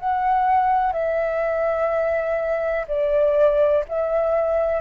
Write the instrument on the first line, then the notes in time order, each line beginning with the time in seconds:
flute
0.00 F#5
0.93 E5
2.89 D5
3.89 E5